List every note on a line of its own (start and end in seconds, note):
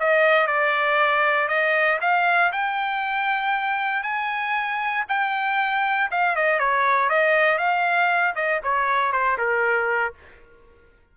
0.00 0.47 D#5
0.47 1.49 D5
1.49 1.99 D#5
2.01 2.52 F5
2.53 4.03 G5
4.03 5.05 G#5
5.09 6.11 G5
6.12 6.36 F5
6.36 6.60 D#5
6.60 7.10 C#5
7.10 7.59 D#5
7.59 8.35 F5
8.36 8.61 D#5
8.64 9.12 C#5
9.12 9.38 C5
9.38 10.14 A#4